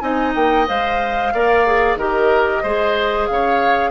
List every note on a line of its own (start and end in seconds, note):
0.00 0.34 C4
0.00 0.67 D#4
0.00 1.34 D#5
0.00 0.33 G#5
0.35 0.68 A#3
0.35 0.68 G5
0.67 1.34 G#3
0.67 1.33 C5
0.67 1.99 F5
1.34 1.96 A#3
1.34 1.66 A#4
1.34 1.99 D5
1.66 1.99 G#4
1.96 2.61 D#3
1.96 2.65 G4
1.96 2.63 A#4
1.96 3.27 D#5
2.63 3.29 G#3
2.63 3.91 G#4
2.63 3.28 C5
3.27 3.91 C#3
3.27 3.91 F5
3.33 3.91 C#5